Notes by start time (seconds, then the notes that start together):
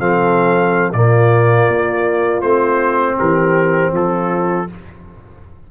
0.00 F3 C4 A4 F5
0.93 A#2 A#3 F4 D5
1.69 A#3
2.42 A3 C4 C5
3.18 E3 G4 A#4
3.92 F3 F4 A4